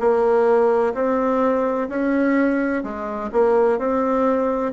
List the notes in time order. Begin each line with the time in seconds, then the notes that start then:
0.00 A#3
0.95 C4
1.90 C#4
2.84 G#3
3.33 A#3
3.79 C4